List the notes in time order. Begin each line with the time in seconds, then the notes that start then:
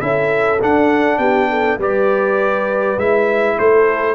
0.00 C#4 E4 A4 E5
0.61 D4 F#5
1.18 B3 G4 G5
1.50 A4
1.78 G3 G4 B4 D5
2.98 G#3 E4 E5
3.59 A3 A4 C5